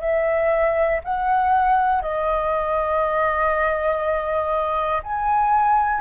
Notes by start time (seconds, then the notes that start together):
0.00 E5
1.04 F#5
2.02 D#5
5.03 G#5